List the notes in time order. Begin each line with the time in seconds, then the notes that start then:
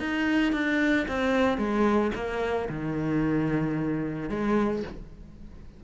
0.00 D#4
0.53 D4
1.08 C4
1.58 G#3
2.15 A#3
2.69 D#3
4.29 G#3